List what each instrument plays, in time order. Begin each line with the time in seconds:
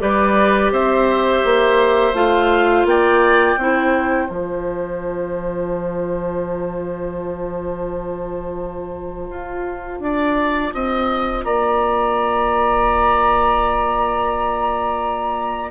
0.00 bassoon G3, clarinet G4, oboe B4, flute D5
0.71 bassoon C4, oboe C5, flute E5
1.45 bassoon A#3
2.14 bassoon A3, clarinet F4, flute F5
2.85 bassoon A#3, oboe D5, flute G5
3.57 bassoon C4, clarinet E4, oboe C5
4.28 bassoon F3, clarinet F4, flute A5
9.30 bassoon F4
10.00 bassoon D4, oboe D5
10.74 bassoon C4, oboe D#5
11.44 bassoon A#3, oboe D5, flute A#5